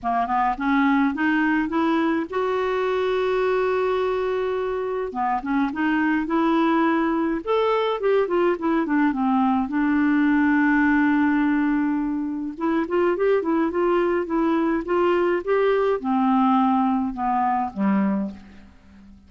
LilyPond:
\new Staff \with { instrumentName = "clarinet" } { \time 4/4 \tempo 4 = 105 ais8 b8 cis'4 dis'4 e'4 | fis'1~ | fis'4 b8 cis'8 dis'4 e'4~ | e'4 a'4 g'8 f'8 e'8 d'8 |
c'4 d'2.~ | d'2 e'8 f'8 g'8 e'8 | f'4 e'4 f'4 g'4 | c'2 b4 g4 | }